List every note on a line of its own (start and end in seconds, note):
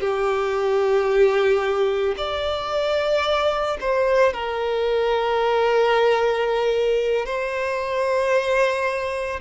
0.00 2.14 G4
2.17 3.77 D5
3.80 4.33 C5
4.33 7.26 A#4
7.26 9.40 C5